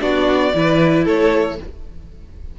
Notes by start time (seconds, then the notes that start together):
0.00 B3 D4 F#4 D5
0.54 E3 E4 B4
1.04 A3 A4 C#5